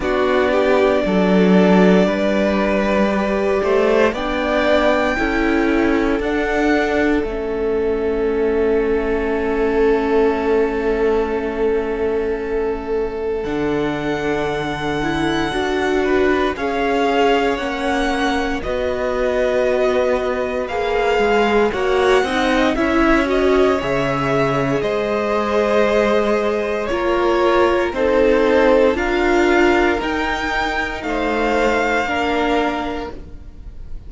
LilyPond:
<<
  \new Staff \with { instrumentName = "violin" } { \time 4/4 \tempo 4 = 58 d''1 | g''2 fis''4 e''4~ | e''1~ | e''4 fis''2. |
f''4 fis''4 dis''2 | f''4 fis''4 e''8 dis''8 e''4 | dis''2 cis''4 c''4 | f''4 g''4 f''2 | }
  \new Staff \with { instrumentName = "violin" } { \time 4/4 fis'8 g'8 a'4 b'4. c''8 | d''4 a'2.~ | a'1~ | a'2.~ a'8 b'8 |
cis''2 b'2~ | b'4 cis''8 dis''8 cis''2 | c''2 ais'4 a'4 | ais'2 c''4 ais'4 | }
  \new Staff \with { instrumentName = "viola" } { \time 4/4 d'2. g'4 | d'4 e'4 d'4 cis'4~ | cis'1~ | cis'4 d'4. e'8 fis'4 |
gis'4 cis'4 fis'2 | gis'4 fis'8 dis'8 e'8 fis'8 gis'4~ | gis'2 f'4 dis'4 | f'4 dis'2 d'4 | }
  \new Staff \with { instrumentName = "cello" } { \time 4/4 b4 fis4 g4. a8 | b4 cis'4 d'4 a4~ | a1~ | a4 d2 d'4 |
cis'4 ais4 b2 | ais8 gis8 ais8 c'8 cis'4 cis4 | gis2 ais4 c'4 | d'4 dis'4 a4 ais4 | }
>>